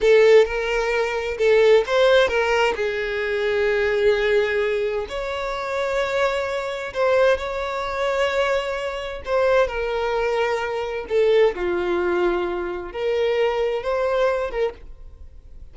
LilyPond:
\new Staff \with { instrumentName = "violin" } { \time 4/4 \tempo 4 = 130 a'4 ais'2 a'4 | c''4 ais'4 gis'2~ | gis'2. cis''4~ | cis''2. c''4 |
cis''1 | c''4 ais'2. | a'4 f'2. | ais'2 c''4. ais'8 | }